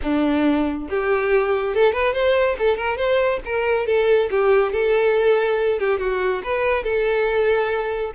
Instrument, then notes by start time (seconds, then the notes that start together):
violin
0.02 D4
0.89 G4
1.74 A4
1.92 B4
2.13 C5
2.58 A4
2.76 A#4
2.97 C5
3.45 A#4
3.86 A4
4.30 G4
4.72 A4
5.79 G4
5.99 F#4
6.43 B4
6.83 A4